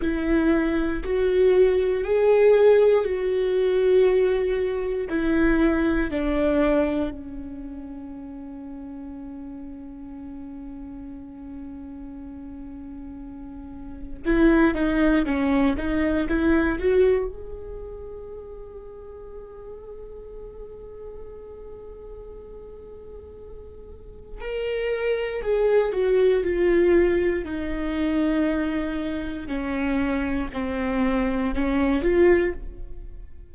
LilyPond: \new Staff \with { instrumentName = "viola" } { \time 4/4 \tempo 4 = 59 e'4 fis'4 gis'4 fis'4~ | fis'4 e'4 d'4 cis'4~ | cis'1~ | cis'2 e'8 dis'8 cis'8 dis'8 |
e'8 fis'8 gis'2.~ | gis'1 | ais'4 gis'8 fis'8 f'4 dis'4~ | dis'4 cis'4 c'4 cis'8 f'8 | }